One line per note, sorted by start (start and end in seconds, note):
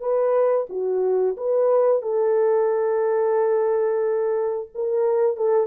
0.00 0.67 B4
0.69 1.36 F#4
1.37 2.02 B4
2.02 4.69 A4
4.75 5.36 A#4
5.36 5.67 A4